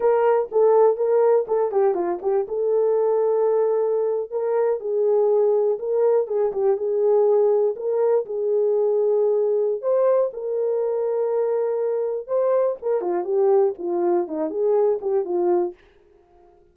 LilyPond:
\new Staff \with { instrumentName = "horn" } { \time 4/4 \tempo 4 = 122 ais'4 a'4 ais'4 a'8 g'8 | f'8 g'8 a'2.~ | a'8. ais'4 gis'2 ais'16~ | ais'8. gis'8 g'8 gis'2 ais'16~ |
ais'8. gis'2.~ gis'16 | c''4 ais'2.~ | ais'4 c''4 ais'8 f'8 g'4 | f'4 dis'8 gis'4 g'8 f'4 | }